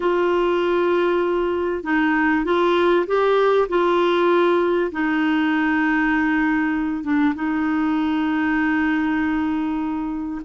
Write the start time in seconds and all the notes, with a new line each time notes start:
0.00 F4
1.83 D#4
2.45 F4
3.06 G4
3.68 F4
4.91 D#4
7.03 D4
7.35 D#4